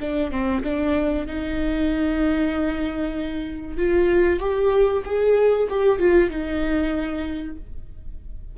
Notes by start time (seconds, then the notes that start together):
0.00 D4
0.31 C4
0.64 D4
1.27 D#4
3.77 F4
4.40 G4
5.05 G#4
5.70 G4
5.99 F4
6.30 D#4